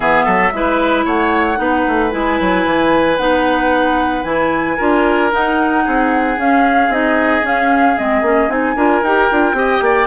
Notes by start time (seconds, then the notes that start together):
0.00 E3 B3 G#4 E5
0.24 F#3 A4
0.52 G#3 E4 B4
1.05 A3 C#5 F#5
1.56 B3 D#4 B4
1.87 A3
2.10 G#3 E4 G#5
2.40 F#3
2.65 E3
3.17 B3 D#4 F#5
4.23 E3 E4 G#5
4.76 D4 F4 A#4
5.31 D#4 F#5
5.85 C4 G#4
6.37 C#4 F5
6.88 C4 D#4 D#5
7.41 C#4 F5
7.96 G#3 C4 D#5
8.21 A#3 C#4
8.48 C4 D#4 G#5
8.75 D4 F4 A#4
9.02 D#4 G4 G5
9.31 D4 F4
9.52 C4 G4 D#5
9.81 A#3 D5